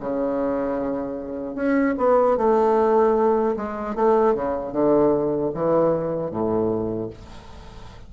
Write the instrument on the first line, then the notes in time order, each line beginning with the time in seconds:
bassoon
0.00 C#3
1.55 C#4
1.97 B3
2.37 A3
3.56 G#3
3.95 A3
4.34 C#3
4.72 D3
5.54 E3
6.31 A2